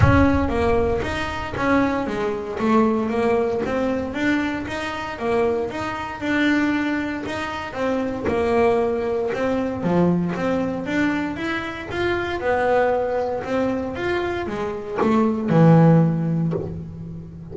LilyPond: \new Staff \with { instrumentName = "double bass" } { \time 4/4 \tempo 4 = 116 cis'4 ais4 dis'4 cis'4 | gis4 a4 ais4 c'4 | d'4 dis'4 ais4 dis'4 | d'2 dis'4 c'4 |
ais2 c'4 f4 | c'4 d'4 e'4 f'4 | b2 c'4 f'4 | gis4 a4 e2 | }